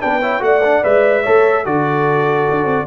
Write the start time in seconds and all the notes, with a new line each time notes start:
0.00 B3 D4 B4 G5
0.21 E4 C#5
0.39 A3 F#4 D5 F#5
0.64 D4
0.83 G#3 B4 E5
1.22 A3 A4 C#5
1.64 D3 F#4 A4 D5
2.50 D4
2.65 C4